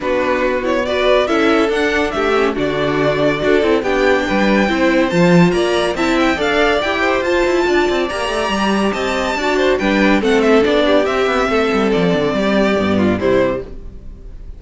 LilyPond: <<
  \new Staff \with { instrumentName = "violin" } { \time 4/4 \tempo 4 = 141 b'4. cis''8 d''4 e''4 | fis''4 e''4 d''2~ | d''4 g''2. | a''4 ais''4 a''8 g''8 f''4 |
g''4 a''2 ais''4~ | ais''4 a''2 g''4 | fis''8 e''8 d''4 e''2 | d''2. c''4 | }
  \new Staff \with { instrumentName = "violin" } { \time 4/4 fis'2 b'4 a'4~ | a'4 g'4 fis'2 | a'4 g'4 b'4 c''4~ | c''4 d''4 e''4 d''4~ |
d''8 c''4. d''2~ | d''4 dis''4 d''8 c''8 b'4 | a'4. g'4. a'4~ | a'4 g'4. f'8 e'4 | }
  \new Staff \with { instrumentName = "viola" } { \time 4/4 d'4. e'8 fis'4 e'4 | d'4. cis'8 d'2 | fis'8 e'8 d'2 e'4 | f'2 e'4 a'4 |
g'4 f'2 g'4~ | g'2 fis'4 d'4 | c'4 d'4 c'2~ | c'2 b4 g4 | }
  \new Staff \with { instrumentName = "cello" } { \time 4/4 b2. cis'4 | d'4 a4 d2 | d'8 c'8 b4 g4 c'4 | f4 ais4 c'4 d'4 |
e'4 f'8 e'8 d'8 c'8 ais8 a8 | g4 c'4 d'4 g4 | a4 b4 c'8 b8 a8 g8 | f8 d8 g4 g,4 c4 | }
>>